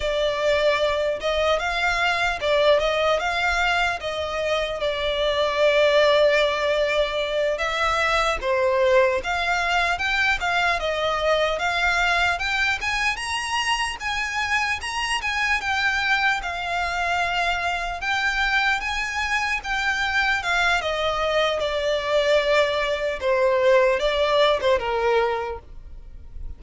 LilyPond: \new Staff \with { instrumentName = "violin" } { \time 4/4 \tempo 4 = 75 d''4. dis''8 f''4 d''8 dis''8 | f''4 dis''4 d''2~ | d''4. e''4 c''4 f''8~ | f''8 g''8 f''8 dis''4 f''4 g''8 |
gis''8 ais''4 gis''4 ais''8 gis''8 g''8~ | g''8 f''2 g''4 gis''8~ | gis''8 g''4 f''8 dis''4 d''4~ | d''4 c''4 d''8. c''16 ais'4 | }